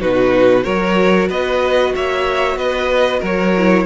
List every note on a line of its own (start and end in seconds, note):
0.00 0.66 B2
0.00 0.62 D#4
0.00 0.64 F#4
0.00 0.64 B4
0.62 1.30 F#3
0.62 3.53 F#4
0.62 1.28 A#4
0.62 1.28 C#5
1.28 1.94 B3
1.28 1.93 B4
1.28 1.95 D#5
1.96 2.56 A#3
1.96 2.58 C#5
1.96 2.58 E5
2.56 3.21 B3
2.56 3.20 B4
2.56 3.22 D#5
3.20 3.86 F#3
3.20 3.85 A#4
3.20 3.86 C#5
3.58 3.86 E4